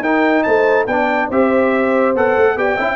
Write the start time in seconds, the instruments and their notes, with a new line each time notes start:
0.00 tuba D#4, trombone D#4, horn A#4, trumpet G5
0.43 tuba A3, horn C5, trumpet A5
0.87 tuba B3, trombone D4, horn D5, trumpet G5
1.28 tuba C4, trombone G4, horn C5, trumpet E5
2.15 tuba B3, trombone A4, trumpet F#5
2.37 tuba A3
2.56 tuba B3, trombone G4, horn D5, trumpet G5
2.77 tuba C#4, trombone E4, horn E5